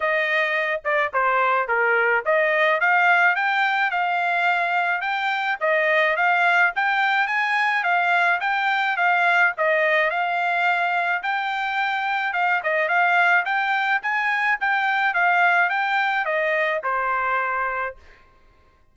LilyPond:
\new Staff \with { instrumentName = "trumpet" } { \time 4/4 \tempo 4 = 107 dis''4. d''8 c''4 ais'4 | dis''4 f''4 g''4 f''4~ | f''4 g''4 dis''4 f''4 | g''4 gis''4 f''4 g''4 |
f''4 dis''4 f''2 | g''2 f''8 dis''8 f''4 | g''4 gis''4 g''4 f''4 | g''4 dis''4 c''2 | }